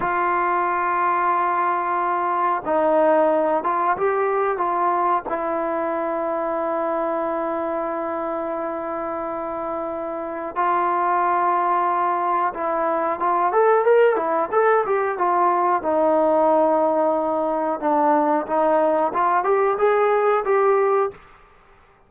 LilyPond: \new Staff \with { instrumentName = "trombone" } { \time 4/4 \tempo 4 = 91 f'1 | dis'4. f'8 g'4 f'4 | e'1~ | e'1 |
f'2. e'4 | f'8 a'8 ais'8 e'8 a'8 g'8 f'4 | dis'2. d'4 | dis'4 f'8 g'8 gis'4 g'4 | }